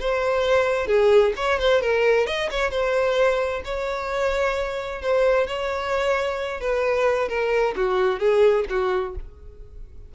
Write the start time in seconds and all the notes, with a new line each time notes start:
0.00 C5
0.87 G#4
1.36 C#5
1.59 C5
1.81 A#4
2.27 D#5
2.51 C#5
2.71 C5
3.65 C#5
5.02 C5
5.47 C#5
6.61 B4
7.29 A#4
7.76 F#4
8.19 G#4
8.69 F#4